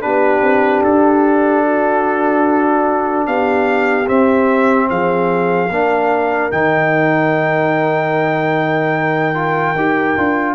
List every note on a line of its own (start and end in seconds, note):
0.00 0.42 B3
0.00 4.05 D4
0.00 1.65 G4
0.00 0.83 B4
0.42 0.83 C4
0.84 3.27 D4
0.84 3.27 A4
1.65 3.27 F#4
3.27 4.08 B3
3.27 4.89 G4
3.27 4.08 F5
4.07 5.69 C4
4.07 4.90 C4
4.07 4.89 E5
4.90 5.70 F3
4.90 5.70 G#4
4.90 6.52 F5
5.70 6.51 A#3
5.70 6.51 D4
5.70 10.55 A#4
6.51 9.76 D#3
6.51 9.35 D#4
6.51 10.55 G5
9.35 9.75 F4
9.76 10.16 D#4
9.76 10.17 G4
10.17 10.55 D4
10.17 10.55 F4